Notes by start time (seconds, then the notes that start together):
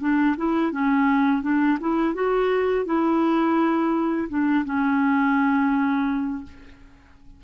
0.00 D4
0.37 E4
0.71 C#4
1.42 D4
1.80 E4
2.14 F#4
2.85 E4
4.29 D4
4.65 C#4